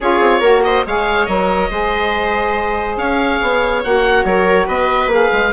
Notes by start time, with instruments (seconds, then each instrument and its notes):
0.00 bassoon C#4, saxophone F4, viola G#4, oboe C#5
0.20 bassoon C4
0.40 bassoon A#3, saxophone F#4, viola A#4
0.63 viola C5, oboe D#5
0.86 bassoon G#3, saxophone G#4, viola C#5, oboe F5
1.25 bassoon F#3, saxophone A#4, oboe D#5
1.70 bassoon G#3, saxophone G#4, viola C5
2.96 bassoon C#4, viola C#5, oboe F5
3.42 bassoon B3
3.83 bassoon A#3, saxophone F#4, oboe F#5
4.24 bassoon F#3, viola A#4, oboe C#5
4.66 bassoon B3, viola B4, oboe D#5
5.06 bassoon A#3, saxophone G#4
5.14 oboe F5
5.32 bassoon G#3